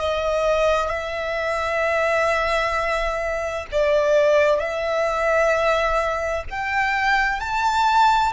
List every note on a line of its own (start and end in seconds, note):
0.00 0.89 D#5
0.89 3.66 E5
3.72 4.60 D5
4.60 6.44 E5
6.50 7.41 G5
7.41 8.33 A5